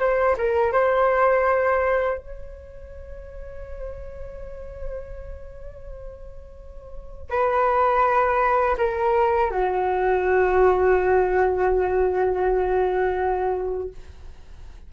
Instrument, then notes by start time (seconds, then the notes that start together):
flute
0.00 C5
0.38 A#4
0.73 C5
2.19 C#5
7.30 B4
8.78 A#4
9.51 F#4